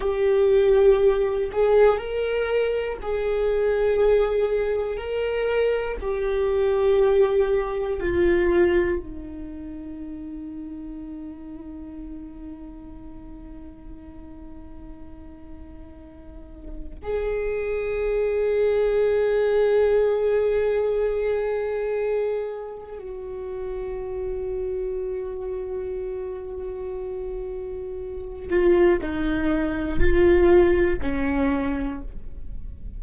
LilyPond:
\new Staff \with { instrumentName = "viola" } { \time 4/4 \tempo 4 = 60 g'4. gis'8 ais'4 gis'4~ | gis'4 ais'4 g'2 | f'4 dis'2.~ | dis'1~ |
dis'4 gis'2.~ | gis'2. fis'4~ | fis'1~ | fis'8 f'8 dis'4 f'4 cis'4 | }